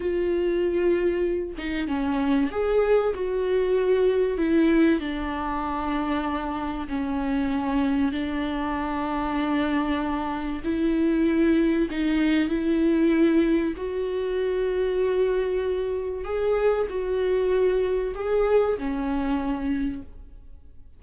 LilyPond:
\new Staff \with { instrumentName = "viola" } { \time 4/4 \tempo 4 = 96 f'2~ f'8 dis'8 cis'4 | gis'4 fis'2 e'4 | d'2. cis'4~ | cis'4 d'2.~ |
d'4 e'2 dis'4 | e'2 fis'2~ | fis'2 gis'4 fis'4~ | fis'4 gis'4 cis'2 | }